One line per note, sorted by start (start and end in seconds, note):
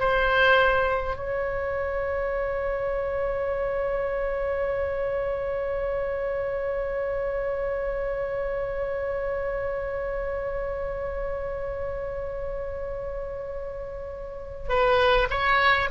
0.00 1.17 C5
1.17 14.70 C#5
14.70 15.28 B4
15.30 15.89 C#5